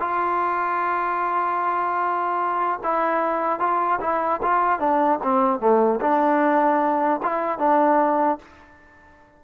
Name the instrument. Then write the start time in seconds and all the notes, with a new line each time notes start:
trombone
0.00 F4
2.83 E4
3.60 F4
4.01 E4
4.43 F4
4.79 D4
5.23 C4
5.60 A3
6.01 D4
7.23 E4
7.59 D4